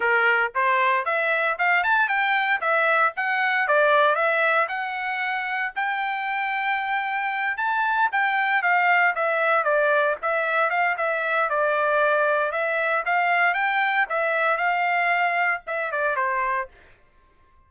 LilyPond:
\new Staff \with { instrumentName = "trumpet" } { \time 4/4 \tempo 4 = 115 ais'4 c''4 e''4 f''8 a''8 | g''4 e''4 fis''4 d''4 | e''4 fis''2 g''4~ | g''2~ g''8 a''4 g''8~ |
g''8 f''4 e''4 d''4 e''8~ | e''8 f''8 e''4 d''2 | e''4 f''4 g''4 e''4 | f''2 e''8 d''8 c''4 | }